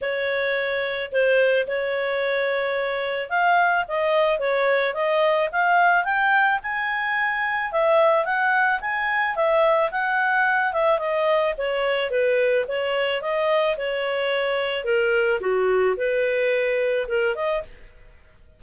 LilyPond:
\new Staff \with { instrumentName = "clarinet" } { \time 4/4 \tempo 4 = 109 cis''2 c''4 cis''4~ | cis''2 f''4 dis''4 | cis''4 dis''4 f''4 g''4 | gis''2 e''4 fis''4 |
gis''4 e''4 fis''4. e''8 | dis''4 cis''4 b'4 cis''4 | dis''4 cis''2 ais'4 | fis'4 b'2 ais'8 dis''8 | }